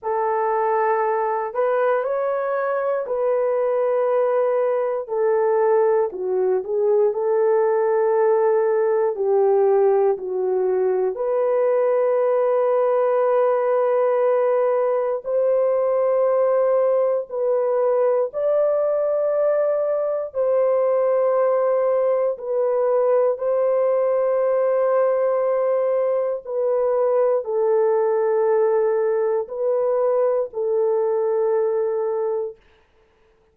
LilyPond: \new Staff \with { instrumentName = "horn" } { \time 4/4 \tempo 4 = 59 a'4. b'8 cis''4 b'4~ | b'4 a'4 fis'8 gis'8 a'4~ | a'4 g'4 fis'4 b'4~ | b'2. c''4~ |
c''4 b'4 d''2 | c''2 b'4 c''4~ | c''2 b'4 a'4~ | a'4 b'4 a'2 | }